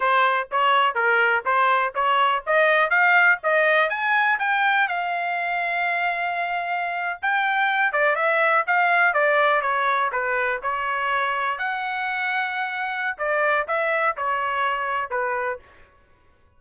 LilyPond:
\new Staff \with { instrumentName = "trumpet" } { \time 4/4 \tempo 4 = 123 c''4 cis''4 ais'4 c''4 | cis''4 dis''4 f''4 dis''4 | gis''4 g''4 f''2~ | f''2~ f''8. g''4~ g''16~ |
g''16 d''8 e''4 f''4 d''4 cis''16~ | cis''8. b'4 cis''2 fis''16~ | fis''2. d''4 | e''4 cis''2 b'4 | }